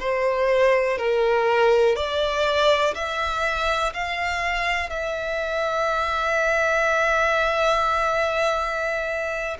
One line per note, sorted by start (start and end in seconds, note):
0.00 0.98 C5
0.98 1.96 A#4
1.96 2.95 D5
2.95 3.93 E5
3.94 4.90 F5
4.90 9.57 E5